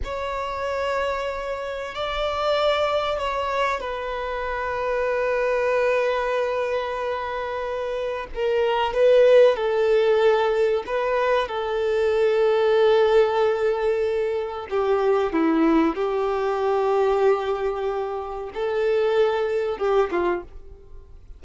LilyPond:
\new Staff \with { instrumentName = "violin" } { \time 4/4 \tempo 4 = 94 cis''2. d''4~ | d''4 cis''4 b'2~ | b'1~ | b'4 ais'4 b'4 a'4~ |
a'4 b'4 a'2~ | a'2. g'4 | e'4 g'2.~ | g'4 a'2 g'8 f'8 | }